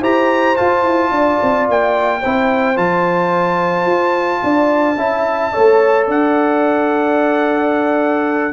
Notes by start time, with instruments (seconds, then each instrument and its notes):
0.00 tuba E4, trombone G4, horn C5, trumpet A#5
0.56 trombone F4, tuba F4, trumpet A5
0.82 tuba E4
1.10 tuba D4, horn D5
1.42 tuba C4
1.68 tuba A#3, trumpet G5
2.20 tuba C4, trombone E4, horn C5
2.76 tuba F3, trombone F4, trumpet A5
3.86 tuba F4
4.43 tuba D4, horn D5
4.96 tuba C#4, trombone E4, horn E5
5.52 tuba A3, trombone A4, horn C#5
6.06 tuba D4, horn D5, trumpet F#5